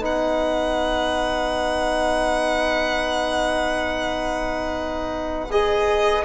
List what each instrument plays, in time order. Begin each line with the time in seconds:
0.00 bassoon B3, trombone D#4, oboe B4, violin F#5
5.50 trombone G#4, violin D#5